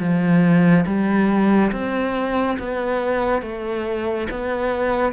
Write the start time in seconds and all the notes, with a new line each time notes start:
0.00 F3
0.86 G3
1.72 C4
2.59 B3
3.42 A3
4.31 B3